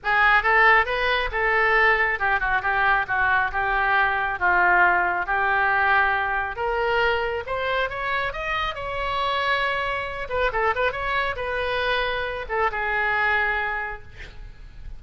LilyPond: \new Staff \with { instrumentName = "oboe" } { \time 4/4 \tempo 4 = 137 gis'4 a'4 b'4 a'4~ | a'4 g'8 fis'8 g'4 fis'4 | g'2 f'2 | g'2. ais'4~ |
ais'4 c''4 cis''4 dis''4 | cis''2.~ cis''8 b'8 | a'8 b'8 cis''4 b'2~ | b'8 a'8 gis'2. | }